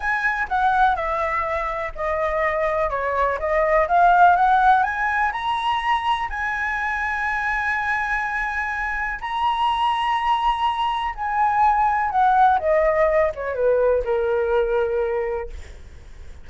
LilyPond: \new Staff \with { instrumentName = "flute" } { \time 4/4 \tempo 4 = 124 gis''4 fis''4 e''2 | dis''2 cis''4 dis''4 | f''4 fis''4 gis''4 ais''4~ | ais''4 gis''2.~ |
gis''2. ais''4~ | ais''2. gis''4~ | gis''4 fis''4 dis''4. cis''8 | b'4 ais'2. | }